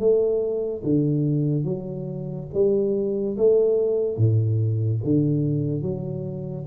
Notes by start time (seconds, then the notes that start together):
0.00 A3
0.84 D3
1.65 F#3
2.54 G3
3.37 A3
4.18 A2
5.05 D3
5.83 F#3